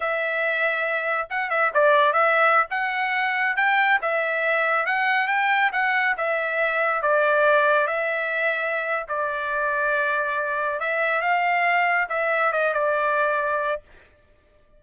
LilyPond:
\new Staff \with { instrumentName = "trumpet" } { \time 4/4 \tempo 4 = 139 e''2. fis''8 e''8 | d''4 e''4~ e''16 fis''4.~ fis''16~ | fis''16 g''4 e''2 fis''8.~ | fis''16 g''4 fis''4 e''4.~ e''16~ |
e''16 d''2 e''4.~ e''16~ | e''4 d''2.~ | d''4 e''4 f''2 | e''4 dis''8 d''2~ d''8 | }